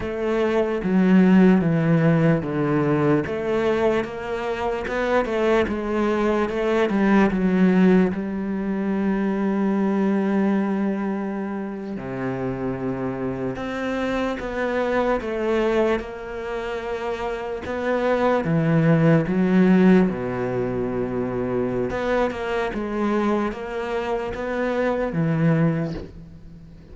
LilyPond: \new Staff \with { instrumentName = "cello" } { \time 4/4 \tempo 4 = 74 a4 fis4 e4 d4 | a4 ais4 b8 a8 gis4 | a8 g8 fis4 g2~ | g2~ g8. c4~ c16~ |
c8. c'4 b4 a4 ais16~ | ais4.~ ais16 b4 e4 fis16~ | fis8. b,2~ b,16 b8 ais8 | gis4 ais4 b4 e4 | }